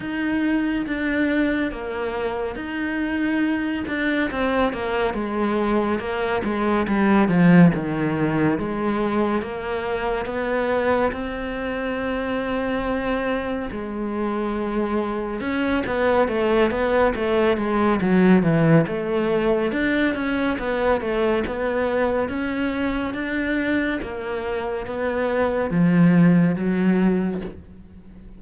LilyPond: \new Staff \with { instrumentName = "cello" } { \time 4/4 \tempo 4 = 70 dis'4 d'4 ais4 dis'4~ | dis'8 d'8 c'8 ais8 gis4 ais8 gis8 | g8 f8 dis4 gis4 ais4 | b4 c'2. |
gis2 cis'8 b8 a8 b8 | a8 gis8 fis8 e8 a4 d'8 cis'8 | b8 a8 b4 cis'4 d'4 | ais4 b4 f4 fis4 | }